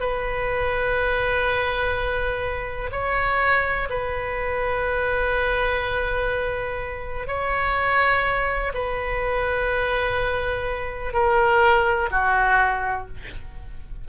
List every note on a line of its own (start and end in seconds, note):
0.00 2.90 B4
2.92 3.88 C#5
3.90 7.28 B4
7.28 8.73 C#5
8.74 11.13 B4
11.13 12.10 A#4
12.11 13.08 F#4